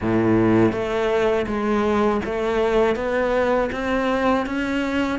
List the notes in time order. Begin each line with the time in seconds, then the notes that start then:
0.01 A2
0.71 A3
1.46 G#3
2.25 A3
2.95 B3
3.71 C4
4.46 C#4